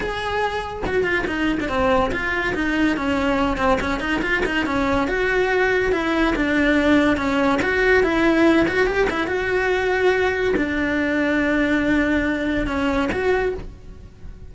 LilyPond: \new Staff \with { instrumentName = "cello" } { \time 4/4 \tempo 4 = 142 gis'2 fis'8 f'8 dis'8. d'16 | c'4 f'4 dis'4 cis'4~ | cis'8 c'8 cis'8 dis'8 f'8 dis'8 cis'4 | fis'2 e'4 d'4~ |
d'4 cis'4 fis'4 e'4~ | e'8 fis'8 g'8 e'8 fis'2~ | fis'4 d'2.~ | d'2 cis'4 fis'4 | }